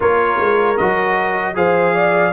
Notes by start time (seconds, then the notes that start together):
0.00 A#3 F4 A#4 C#5
0.39 G#3
0.77 F#3 F#4 D#5
1.54 F3 G#4 C5 F5
1.94 D5